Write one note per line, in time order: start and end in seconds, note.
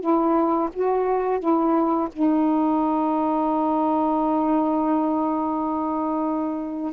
0.00 0.69 E4
0.73 1.39 F#4
1.39 2.08 E4
2.13 6.93 D#4